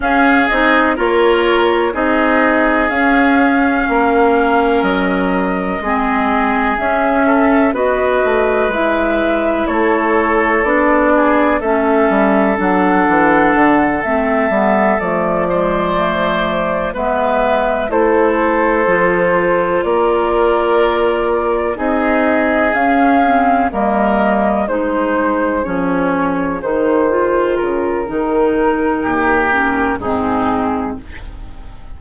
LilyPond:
<<
  \new Staff \with { instrumentName = "flute" } { \time 4/4 \tempo 4 = 62 f''8 dis''8 cis''4 dis''4 f''4~ | f''4 dis''2 e''4 | dis''4 e''4 cis''4 d''4 | e''4 fis''4. e''4 d''8~ |
d''4. e''4 c''4.~ | c''8 d''2 dis''4 f''8~ | f''8 dis''4 c''4 cis''4 c''8~ | c''8 ais'2~ ais'8 gis'4 | }
  \new Staff \with { instrumentName = "oboe" } { \time 4/4 gis'4 ais'4 gis'2 | ais'2 gis'4. a'8 | b'2 a'4. gis'8 | a'1 |
c''4. b'4 a'4.~ | a'8 ais'2 gis'4.~ | gis'8 ais'4 gis'2~ gis'8~ | gis'2 g'4 dis'4 | }
  \new Staff \with { instrumentName = "clarinet" } { \time 4/4 cis'8 dis'8 f'4 dis'4 cis'4~ | cis'2 c'4 cis'4 | fis'4 e'2 d'4 | cis'4 d'4. c'8 b8 a8 |
gis8 a4 b4 e'4 f'8~ | f'2~ f'8 dis'4 cis'8 | c'8 ais4 dis'4 cis'4 dis'8 | f'4 dis'4. cis'8 c'4 | }
  \new Staff \with { instrumentName = "bassoon" } { \time 4/4 cis'8 c'8 ais4 c'4 cis'4 | ais4 fis4 gis4 cis'4 | b8 a8 gis4 a4 b4 | a8 g8 fis8 e8 d8 a8 g8 f8~ |
f4. gis4 a4 f8~ | f8 ais2 c'4 cis'8~ | cis'8 g4 gis4 f4 dis8~ | dis8 cis8 dis4 dis,4 gis,4 | }
>>